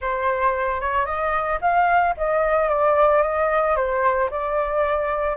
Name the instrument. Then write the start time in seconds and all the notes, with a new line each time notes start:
flute
0.01 C5
0.80 C#5
1.05 D#5
1.61 F5
2.17 D#5
2.68 D5
3.22 D#5
3.75 C5
4.30 D5